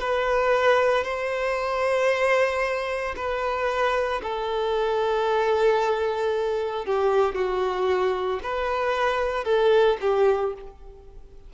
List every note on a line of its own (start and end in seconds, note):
0.00 1.04 B4
1.04 3.14 C5
3.16 4.21 B4
4.22 6.86 A4
6.86 7.34 G4
7.34 8.40 F#4
8.43 9.44 B4
9.44 9.97 A4
10.00 10.53 G4